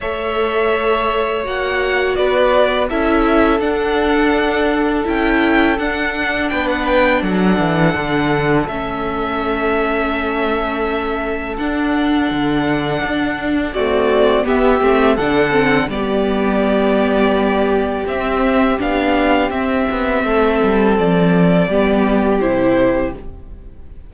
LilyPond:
<<
  \new Staff \with { instrumentName = "violin" } { \time 4/4 \tempo 4 = 83 e''2 fis''4 d''4 | e''4 fis''2 g''4 | fis''4 g''16 fis''16 g''8 fis''2 | e''1 |
fis''2. d''4 | e''4 fis''4 d''2~ | d''4 e''4 f''4 e''4~ | e''4 d''2 c''4 | }
  \new Staff \with { instrumentName = "violin" } { \time 4/4 cis''2. b'4 | a'1~ | a'4 b'4 a'2~ | a'1~ |
a'2. fis'4 | g'4 a'4 g'2~ | g'1 | a'2 g'2 | }
  \new Staff \with { instrumentName = "viola" } { \time 4/4 a'2 fis'2 | e'4 d'2 e'4 | d'1 | cis'1 |
d'2. a4 | b8 c'8 d'8 c'8 b2~ | b4 c'4 d'4 c'4~ | c'2 b4 e'4 | }
  \new Staff \with { instrumentName = "cello" } { \time 4/4 a2 ais4 b4 | cis'4 d'2 cis'4 | d'4 b4 fis8 e8 d4 | a1 |
d'4 d4 d'4 c'4 | b8 a8 d4 g2~ | g4 c'4 b4 c'8 b8 | a8 g8 f4 g4 c4 | }
>>